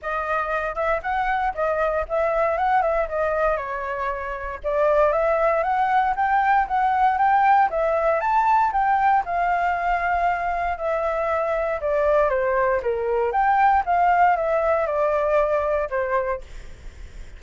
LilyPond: \new Staff \with { instrumentName = "flute" } { \time 4/4 \tempo 4 = 117 dis''4. e''8 fis''4 dis''4 | e''4 fis''8 e''8 dis''4 cis''4~ | cis''4 d''4 e''4 fis''4 | g''4 fis''4 g''4 e''4 |
a''4 g''4 f''2~ | f''4 e''2 d''4 | c''4 ais'4 g''4 f''4 | e''4 d''2 c''4 | }